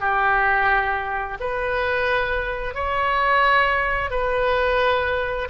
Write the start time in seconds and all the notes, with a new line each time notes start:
0.00 G4
1.40 B4
2.74 C#5
4.10 B4